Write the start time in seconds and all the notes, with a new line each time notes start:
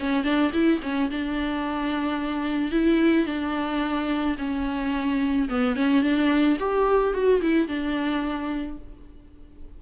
0.00 C#4
0.24 D4
0.53 E4
0.83 C#4
1.11 D4
2.72 E4
3.27 D4
4.39 C#4
5.49 B3
5.76 C#4
6.03 D4
6.60 G4
7.14 F#4
7.42 E4
7.68 D4